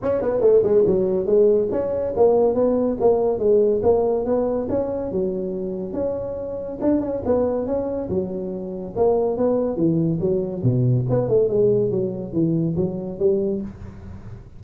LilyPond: \new Staff \with { instrumentName = "tuba" } { \time 4/4 \tempo 4 = 141 cis'8 b8 a8 gis8 fis4 gis4 | cis'4 ais4 b4 ais4 | gis4 ais4 b4 cis'4 | fis2 cis'2 |
d'8 cis'8 b4 cis'4 fis4~ | fis4 ais4 b4 e4 | fis4 b,4 b8 a8 gis4 | fis4 e4 fis4 g4 | }